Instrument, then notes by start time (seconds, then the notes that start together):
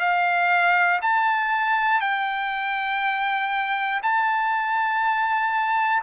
trumpet
0.00 F5
1.02 A5
2.01 G5
4.03 A5